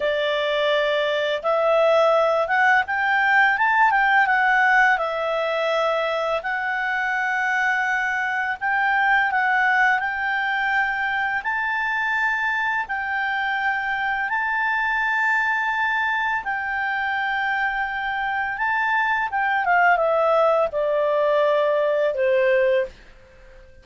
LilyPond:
\new Staff \with { instrumentName = "clarinet" } { \time 4/4 \tempo 4 = 84 d''2 e''4. fis''8 | g''4 a''8 g''8 fis''4 e''4~ | e''4 fis''2. | g''4 fis''4 g''2 |
a''2 g''2 | a''2. g''4~ | g''2 a''4 g''8 f''8 | e''4 d''2 c''4 | }